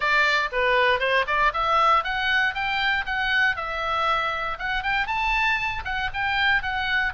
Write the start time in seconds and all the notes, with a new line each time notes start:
0.00 D5
0.52 B4
0.99 C5
1.27 D5
1.53 E5
2.03 F#5
2.54 G5
3.05 F#5
3.56 E5
4.59 F#5
4.82 G5
5.06 A5
5.84 F#5
6.13 G5
6.62 F#5